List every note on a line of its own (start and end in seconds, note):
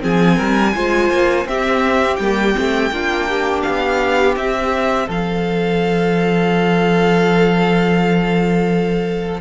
0.00 0.39 F3
0.00 0.72 C4
0.00 0.36 G#4
0.00 1.48 G#5
0.36 0.75 G3
0.36 0.72 A#4
0.75 1.10 G#3
0.75 1.45 F4
0.75 1.47 C5
1.10 1.45 A#3
1.45 2.17 C4
1.45 2.18 C4
1.45 2.92 G4
1.45 2.16 E5
2.16 2.55 G3
2.16 2.55 A#3
2.16 3.61 G5
2.55 2.91 A3
2.55 2.91 C4
2.91 3.63 A#3
2.91 4.37 D4
2.91 3.28 F4
3.28 5.07 G4
3.62 4.36 B3
3.62 4.34 F5
4.36 5.08 C4
4.36 9.41 C4
4.36 5.09 E5
5.07 9.41 F3
5.07 9.41 A4
5.07 9.41 F5